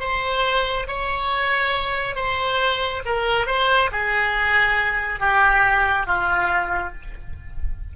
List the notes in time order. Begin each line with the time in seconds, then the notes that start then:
0.00 C5
0.88 C#5
2.15 C5
3.06 A#4
3.47 C5
3.92 G#4
5.20 G4
6.07 F4